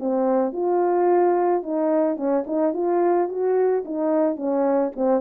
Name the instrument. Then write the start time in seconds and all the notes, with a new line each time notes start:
horn
0.00 C4
0.53 F4
1.63 D#4
2.17 C#4
2.47 D#4
2.74 F4
3.29 F#4
3.86 D#4
4.37 C#4
4.96 C4